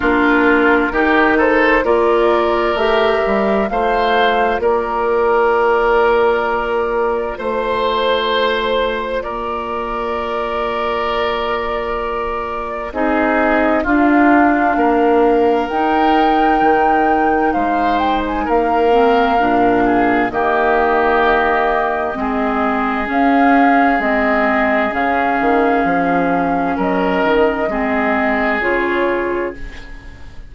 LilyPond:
<<
  \new Staff \with { instrumentName = "flute" } { \time 4/4 \tempo 4 = 65 ais'4. c''8 d''4 e''4 | f''4 d''2. | c''2 d''2~ | d''2 dis''4 f''4~ |
f''4 g''2 f''8 g''16 gis''16 | f''2 dis''2~ | dis''4 f''4 dis''4 f''4~ | f''4 dis''2 cis''4 | }
  \new Staff \with { instrumentName = "oboe" } { \time 4/4 f'4 g'8 a'8 ais'2 | c''4 ais'2. | c''2 ais'2~ | ais'2 gis'4 f'4 |
ais'2. c''4 | ais'4. gis'8 g'2 | gis'1~ | gis'4 ais'4 gis'2 | }
  \new Staff \with { instrumentName = "clarinet" } { \time 4/4 d'4 dis'4 f'4 g'4 | f'1~ | f'1~ | f'2 dis'4 d'4~ |
d'4 dis'2.~ | dis'8 c'8 d'4 ais2 | c'4 cis'4 c'4 cis'4~ | cis'2 c'4 f'4 | }
  \new Staff \with { instrumentName = "bassoon" } { \time 4/4 ais4 dis4 ais4 a8 g8 | a4 ais2. | a2 ais2~ | ais2 c'4 d'4 |
ais4 dis'4 dis4 gis4 | ais4 ais,4 dis2 | gis4 cis'4 gis4 cis8 dis8 | f4 fis8 dis8 gis4 cis4 | }
>>